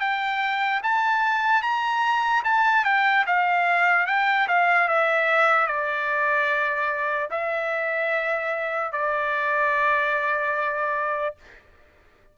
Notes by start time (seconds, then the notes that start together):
0.00 G5
0.83 A5
1.62 A#5
2.44 A5
2.85 G5
3.27 F5
4.07 G5
4.48 F5
4.88 E5
5.67 D5
7.30 E5
8.92 D5